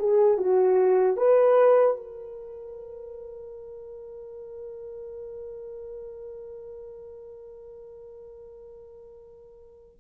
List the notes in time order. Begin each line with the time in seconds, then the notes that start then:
0.00 G#4
0.38 F#4
1.17 B4
1.97 A#4